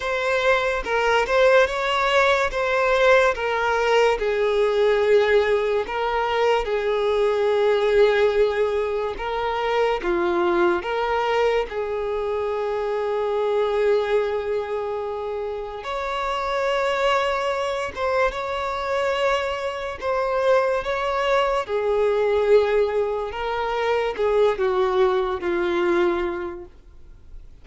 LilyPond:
\new Staff \with { instrumentName = "violin" } { \time 4/4 \tempo 4 = 72 c''4 ais'8 c''8 cis''4 c''4 | ais'4 gis'2 ais'4 | gis'2. ais'4 | f'4 ais'4 gis'2~ |
gis'2. cis''4~ | cis''4. c''8 cis''2 | c''4 cis''4 gis'2 | ais'4 gis'8 fis'4 f'4. | }